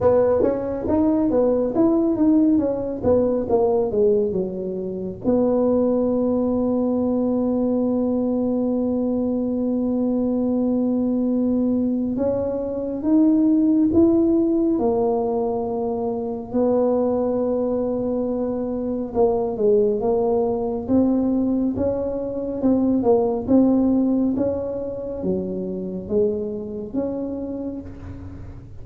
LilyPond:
\new Staff \with { instrumentName = "tuba" } { \time 4/4 \tempo 4 = 69 b8 cis'8 dis'8 b8 e'8 dis'8 cis'8 b8 | ais8 gis8 fis4 b2~ | b1~ | b2 cis'4 dis'4 |
e'4 ais2 b4~ | b2 ais8 gis8 ais4 | c'4 cis'4 c'8 ais8 c'4 | cis'4 fis4 gis4 cis'4 | }